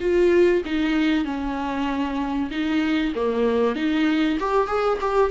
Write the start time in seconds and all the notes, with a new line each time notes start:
0.00 F4
0.65 D#4
1.25 C#4
2.51 D#4
3.15 A#3
3.75 D#4
4.39 G4
4.67 G#4
5.00 G4